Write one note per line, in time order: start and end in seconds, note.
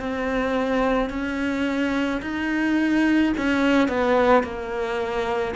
0.00 1.10 C4
1.10 2.21 C#4
2.22 3.33 D#4
3.38 3.88 C#4
3.88 4.44 B3
4.44 5.55 A#3